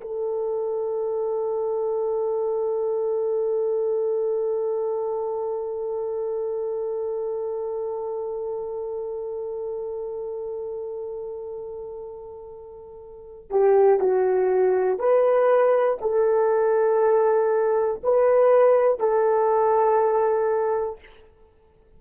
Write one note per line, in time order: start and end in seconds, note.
0.00 13.50 A4
13.50 14.00 G4
14.00 14.99 F#4
14.99 15.99 B4
16.00 18.00 A4
18.03 19.00 B4
19.00 21.00 A4